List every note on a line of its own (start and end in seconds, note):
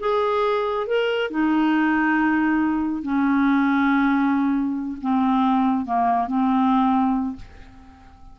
0.00 0.87 G#4
0.87 1.31 A#4
1.31 3.03 D#4
3.03 4.98 C#4
5.01 5.86 C4
5.86 6.27 A#3
6.27 7.36 C4